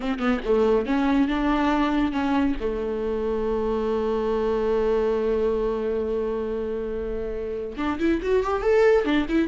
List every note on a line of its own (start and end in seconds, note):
0.00 0.19 C4
0.19 0.40 B3
0.44 0.86 A3
0.86 1.28 C#4
1.28 2.12 D4
2.12 2.55 C#4
2.59 7.77 A3
7.77 7.99 D4
7.99 8.20 E4
8.22 8.43 F#4
8.43 8.62 G4
8.62 9.04 A4
9.04 9.26 D4
9.29 9.47 E4